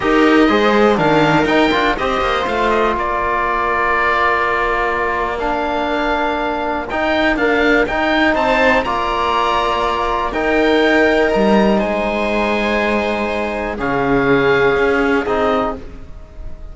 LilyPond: <<
  \new Staff \with { instrumentName = "oboe" } { \time 4/4 \tempo 4 = 122 dis''2 f''4 g''4 | dis''4 f''8 dis''8 d''2~ | d''2. f''4~ | f''2 g''4 f''4 |
g''4 a''4 ais''2~ | ais''4 g''2 ais''4 | gis''1 | f''2. dis''4 | }
  \new Staff \with { instrumentName = "viola" } { \time 4/4 ais'4 c''4 ais'2 | c''2 ais'2~ | ais'1~ | ais'1~ |
ais'4 c''4 d''2~ | d''4 ais'2. | c''1 | gis'1 | }
  \new Staff \with { instrumentName = "trombone" } { \time 4/4 g'4 gis'4 d'4 dis'8 f'8 | g'4 f'2.~ | f'2. d'4~ | d'2 dis'4 ais4 |
dis'2 f'2~ | f'4 dis'2.~ | dis'1 | cis'2. dis'4 | }
  \new Staff \with { instrumentName = "cello" } { \time 4/4 dis'4 gis4 dis4 dis'8 d'8 | c'8 ais8 a4 ais2~ | ais1~ | ais2 dis'4 d'4 |
dis'4 c'4 ais2~ | ais4 dis'2 g4 | gis1 | cis2 cis'4 c'4 | }
>>